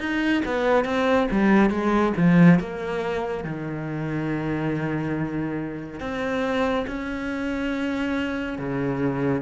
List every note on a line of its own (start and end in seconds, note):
0.00 0.43 D#4
0.46 0.85 B3
0.85 1.28 C4
1.32 1.70 G3
1.70 2.13 G#3
2.17 2.60 F3
2.60 3.44 A#3
3.44 6.00 D#3
6.00 6.86 C4
6.87 8.59 C#4
8.59 9.42 C#3